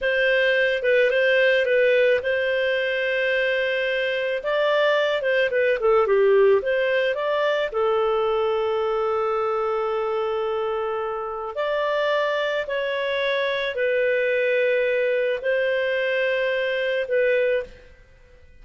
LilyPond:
\new Staff \with { instrumentName = "clarinet" } { \time 4/4 \tempo 4 = 109 c''4. b'8 c''4 b'4 | c''1 | d''4. c''8 b'8 a'8 g'4 | c''4 d''4 a'2~ |
a'1~ | a'4 d''2 cis''4~ | cis''4 b'2. | c''2. b'4 | }